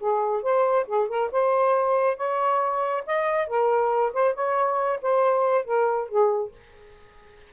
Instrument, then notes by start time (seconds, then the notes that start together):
saxophone
0.00 G#4
0.42 C5
0.87 G#4
1.09 A#4
1.31 C5
2.17 C#5
3.07 D#5
3.48 A#4
4.13 C5
4.34 C#5
5.02 C5
5.65 A#4
6.09 G#4